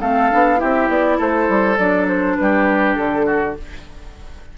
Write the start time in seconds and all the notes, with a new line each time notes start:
0.00 A3 C4 A4 F5
0.31 B3 D4
0.56 E4 G4 E5
0.62 C4
0.88 B3 D5
1.17 A3 A4 C5
1.49 G3
1.77 F#3 D4 D5
2.08 C5
2.35 G3 B4
2.41 G4
2.95 D3 A4
3.25 F#4